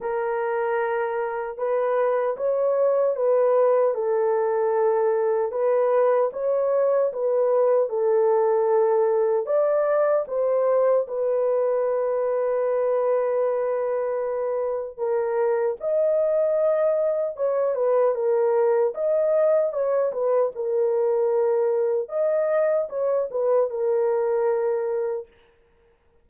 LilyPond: \new Staff \with { instrumentName = "horn" } { \time 4/4 \tempo 4 = 76 ais'2 b'4 cis''4 | b'4 a'2 b'4 | cis''4 b'4 a'2 | d''4 c''4 b'2~ |
b'2. ais'4 | dis''2 cis''8 b'8 ais'4 | dis''4 cis''8 b'8 ais'2 | dis''4 cis''8 b'8 ais'2 | }